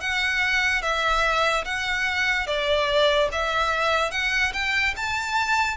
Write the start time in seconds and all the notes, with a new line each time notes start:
0.00 F#5
0.82 E5
1.64 F#5
2.46 D5
3.32 E5
4.11 F#5
4.53 G5
4.96 A5